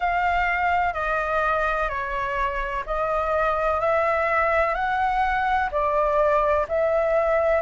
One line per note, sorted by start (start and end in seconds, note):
0.00 0.93 F5
0.93 1.88 D#5
1.88 2.84 C#5
2.86 3.80 D#5
3.80 4.74 E5
4.74 5.69 F#5
5.71 6.66 D5
6.68 7.61 E5